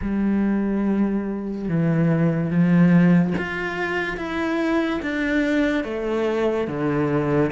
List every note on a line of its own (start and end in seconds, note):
0.01 1.68 G3
1.68 2.50 E3
2.50 3.33 F3
3.37 4.17 F4
4.17 5.00 E4
5.02 5.84 D4
5.84 6.67 A3
6.67 7.51 D3